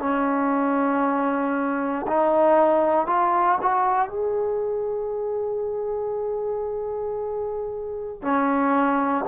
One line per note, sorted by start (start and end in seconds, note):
0.00 2.07 C#4
2.08 3.07 D#4
3.07 3.59 F4
3.62 4.10 F#4
4.10 8.22 G#4
8.22 9.25 C#4